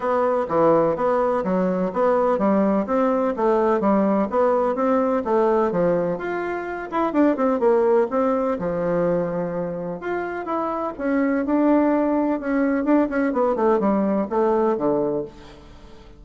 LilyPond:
\new Staff \with { instrumentName = "bassoon" } { \time 4/4 \tempo 4 = 126 b4 e4 b4 fis4 | b4 g4 c'4 a4 | g4 b4 c'4 a4 | f4 f'4. e'8 d'8 c'8 |
ais4 c'4 f2~ | f4 f'4 e'4 cis'4 | d'2 cis'4 d'8 cis'8 | b8 a8 g4 a4 d4 | }